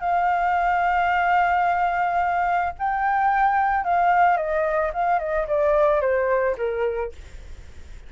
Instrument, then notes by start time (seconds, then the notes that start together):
flute
0.00 F5
2.78 G5
3.84 F5
4.37 D#5
4.93 F5
5.19 D#5
5.47 D5
6.01 C5
6.57 A#4